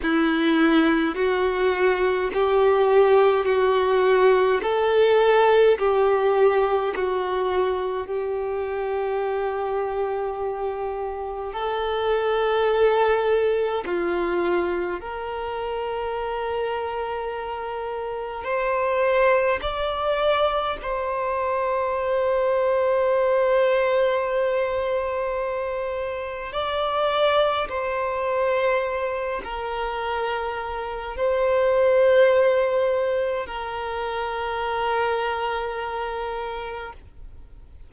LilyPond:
\new Staff \with { instrumentName = "violin" } { \time 4/4 \tempo 4 = 52 e'4 fis'4 g'4 fis'4 | a'4 g'4 fis'4 g'4~ | g'2 a'2 | f'4 ais'2. |
c''4 d''4 c''2~ | c''2. d''4 | c''4. ais'4. c''4~ | c''4 ais'2. | }